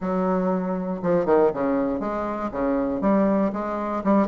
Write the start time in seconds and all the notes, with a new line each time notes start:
0.00 F#3
1.02 F3
1.25 D#3
1.53 C#3
1.99 G#3
2.51 C#3
3.01 G3
3.52 G#3
4.04 G3